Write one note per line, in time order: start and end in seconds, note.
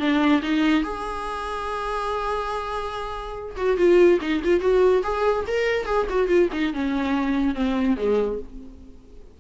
0.00 0.42 D4
0.43 0.84 D#4
0.84 3.56 G#4
3.57 3.77 F#4
3.77 4.19 F4
4.22 4.43 D#4
4.44 4.61 F4
4.61 5.03 F#4
5.03 5.45 G#4
5.47 5.86 A#4
5.86 6.07 G#4
6.10 6.28 F#4
6.28 6.49 F4
6.53 6.74 D#4
6.74 7.55 C#4
7.55 7.97 C4
7.97 8.39 G#3